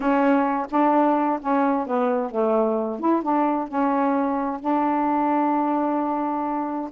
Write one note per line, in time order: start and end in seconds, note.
0.00 0.66 C#4
0.70 1.39 D4
1.41 1.86 C#4
1.86 2.31 B3
2.31 2.99 A3
2.99 3.22 E4
3.22 3.68 D4
3.68 4.59 C#4
4.59 6.90 D4